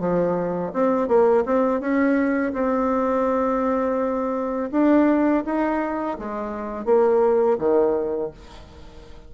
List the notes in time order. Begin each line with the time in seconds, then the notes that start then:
0.00 F3
0.73 C4
1.08 A#3
1.46 C4
1.81 C#4
2.53 C4
4.72 D4
5.46 D#4
6.19 G#3
6.85 A#3
7.59 D#3